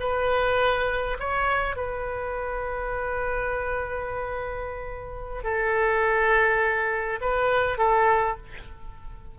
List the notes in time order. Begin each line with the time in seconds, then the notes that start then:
0.00 B4
1.20 C#5
1.77 B4
5.44 A4
7.22 B4
7.78 A4